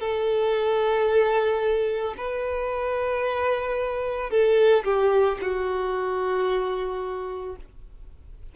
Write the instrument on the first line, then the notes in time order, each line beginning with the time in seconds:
violin
0.00 A4
2.17 B4
4.31 A4
4.84 G4
5.42 F#4